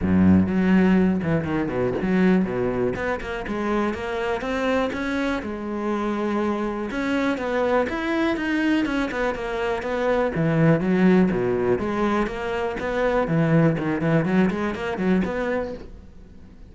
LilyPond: \new Staff \with { instrumentName = "cello" } { \time 4/4 \tempo 4 = 122 fis,4 fis4. e8 dis8 b,8 | fis4 b,4 b8 ais8 gis4 | ais4 c'4 cis'4 gis4~ | gis2 cis'4 b4 |
e'4 dis'4 cis'8 b8 ais4 | b4 e4 fis4 b,4 | gis4 ais4 b4 e4 | dis8 e8 fis8 gis8 ais8 fis8 b4 | }